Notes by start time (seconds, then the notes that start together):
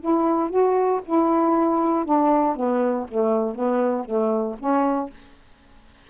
0.00 E4
0.50 F#4
1.05 E4
2.05 D4
2.56 B3
3.08 A3
3.55 B3
4.05 A3
4.59 C#4